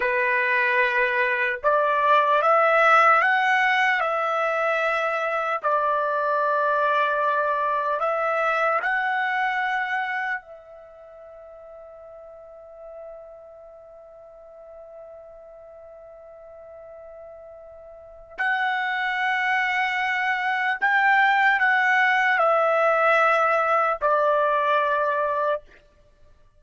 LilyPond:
\new Staff \with { instrumentName = "trumpet" } { \time 4/4 \tempo 4 = 75 b'2 d''4 e''4 | fis''4 e''2 d''4~ | d''2 e''4 fis''4~ | fis''4 e''2.~ |
e''1~ | e''2. fis''4~ | fis''2 g''4 fis''4 | e''2 d''2 | }